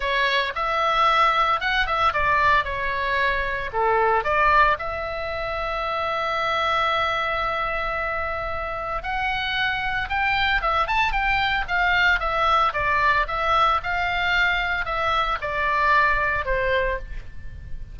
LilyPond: \new Staff \with { instrumentName = "oboe" } { \time 4/4 \tempo 4 = 113 cis''4 e''2 fis''8 e''8 | d''4 cis''2 a'4 | d''4 e''2.~ | e''1~ |
e''4 fis''2 g''4 | e''8 a''8 g''4 f''4 e''4 | d''4 e''4 f''2 | e''4 d''2 c''4 | }